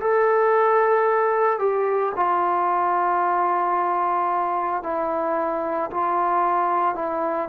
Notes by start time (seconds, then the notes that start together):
0.00 A4
1.59 G4
2.15 F4
4.83 E4
5.90 F4
6.94 E4